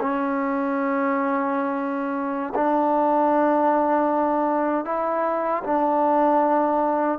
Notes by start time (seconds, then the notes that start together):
0.00 C#4
2.55 D4
4.85 E4
5.64 D4